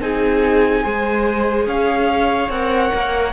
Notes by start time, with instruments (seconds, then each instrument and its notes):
0.00 cello C4, viola D#4 G#4, violin G#5
0.83 cello G#3, viola G#4 C5
1.67 cello C#4, viola C#5, violin F5
2.49 cello C4, viola A#4, violin F#5
2.94 cello A#3